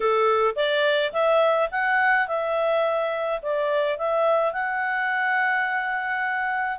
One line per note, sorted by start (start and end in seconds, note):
0.00 0.54 A4
0.55 1.12 D5
1.12 1.69 E5
1.71 2.27 F#5
2.27 3.40 E5
3.42 3.98 D5
3.98 4.53 E5
4.53 6.78 F#5